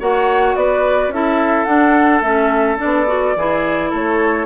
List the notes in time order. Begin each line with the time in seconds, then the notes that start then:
0.00 A#3 F#4 C#5 F#5
0.56 B3 B4 D5
1.09 C#4 E4 A4 E5
1.65 D4 F#5
2.22 A3 C#4 E5
2.78 D4 D5
2.84 B3
3.07 F#4
3.36 E3 E4 G#4
3.90 A3 A4 C#5